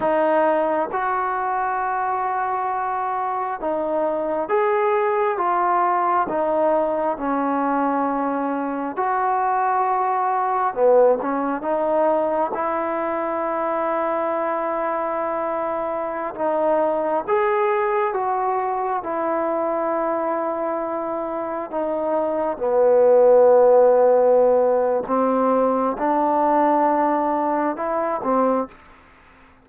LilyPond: \new Staff \with { instrumentName = "trombone" } { \time 4/4 \tempo 4 = 67 dis'4 fis'2. | dis'4 gis'4 f'4 dis'4 | cis'2 fis'2 | b8 cis'8 dis'4 e'2~ |
e'2~ e'16 dis'4 gis'8.~ | gis'16 fis'4 e'2~ e'8.~ | e'16 dis'4 b2~ b8. | c'4 d'2 e'8 c'8 | }